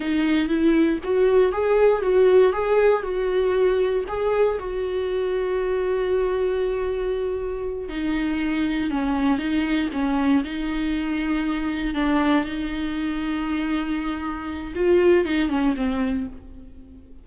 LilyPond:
\new Staff \with { instrumentName = "viola" } { \time 4/4 \tempo 4 = 118 dis'4 e'4 fis'4 gis'4 | fis'4 gis'4 fis'2 | gis'4 fis'2.~ | fis'2.~ fis'8 dis'8~ |
dis'4. cis'4 dis'4 cis'8~ | cis'8 dis'2. d'8~ | d'8 dis'2.~ dis'8~ | dis'4 f'4 dis'8 cis'8 c'4 | }